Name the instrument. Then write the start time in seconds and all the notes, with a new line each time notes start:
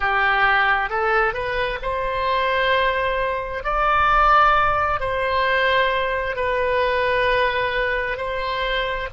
oboe
0.00 G4
0.89 A4
1.33 B4
1.82 C5
3.63 D5
5.00 C5
6.36 B4
8.17 C5